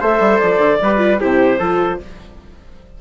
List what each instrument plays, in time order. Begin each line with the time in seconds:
0.00 bassoon A3, viola A4, trumpet C5, clarinet E5
0.20 bassoon G3
0.39 bassoon F3, clarinet D5
0.58 bassoon D3
0.82 bassoon G3, viola G4, trumpet B4
0.98 viola F4
1.20 bassoon C3, viola E4, trumpet G4, clarinet C5
1.59 bassoon F3, viola F4, trumpet A4